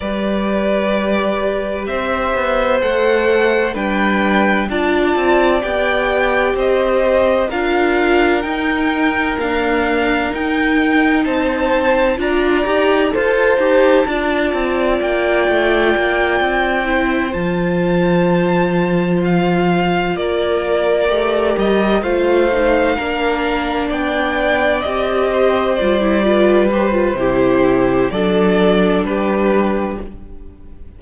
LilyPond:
<<
  \new Staff \with { instrumentName = "violin" } { \time 4/4 \tempo 4 = 64 d''2 e''4 fis''4 | g''4 a''4 g''4 dis''4 | f''4 g''4 f''4 g''4 | a''4 ais''4 a''2 |
g''2~ g''8 a''4.~ | a''8 f''4 d''4. dis''8 f''8~ | f''4. g''4 dis''4 d''8~ | d''8 c''4. d''4 b'4 | }
  \new Staff \with { instrumentName = "violin" } { \time 4/4 b'2 c''2 | b'4 d''2 c''4 | ais'1 | c''4 d''4 c''4 d''4~ |
d''2 c''2~ | c''4. ais'2 c''8~ | c''8 ais'4 d''4. c''4 | b'4 g'4 a'4 g'4 | }
  \new Staff \with { instrumentName = "viola" } { \time 4/4 g'2. a'4 | d'4 f'4 g'2 | f'4 dis'4 ais4 dis'4~ | dis'4 f'8 g'8 a'8 g'8 f'4~ |
f'2 e'8 f'4.~ | f'2~ f'8 g'4 f'8 | dis'8 d'2 g'4 f'16 e'16 | f'8 g'16 f'16 e'4 d'2 | }
  \new Staff \with { instrumentName = "cello" } { \time 4/4 g2 c'8 b8 a4 | g4 d'8 c'8 b4 c'4 | d'4 dis'4 d'4 dis'4 | c'4 d'8 dis'8 f'8 dis'8 d'8 c'8 |
ais8 a8 ais8 c'4 f4.~ | f4. ais4 a8 g8 a8~ | a8 ais4 b4 c'4 g8~ | g4 c4 fis4 g4 | }
>>